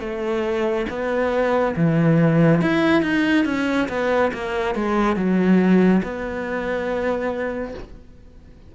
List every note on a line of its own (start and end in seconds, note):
0.00 0.86 A3
0.89 1.75 B3
1.76 2.61 E3
2.61 3.02 E4
3.02 3.45 D#4
3.45 3.88 C#4
3.88 4.31 B3
4.33 4.75 A#3
4.75 5.16 G#3
5.16 6.02 F#3
6.03 7.74 B3